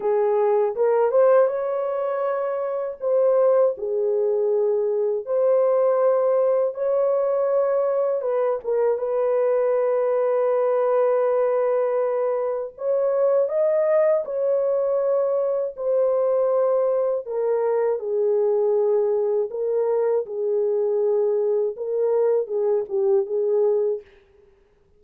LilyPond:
\new Staff \with { instrumentName = "horn" } { \time 4/4 \tempo 4 = 80 gis'4 ais'8 c''8 cis''2 | c''4 gis'2 c''4~ | c''4 cis''2 b'8 ais'8 | b'1~ |
b'4 cis''4 dis''4 cis''4~ | cis''4 c''2 ais'4 | gis'2 ais'4 gis'4~ | gis'4 ais'4 gis'8 g'8 gis'4 | }